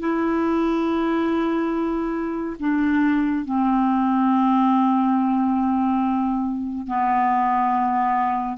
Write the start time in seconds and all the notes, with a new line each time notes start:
0.00 E4
2.60 D4
3.45 C4
6.87 B3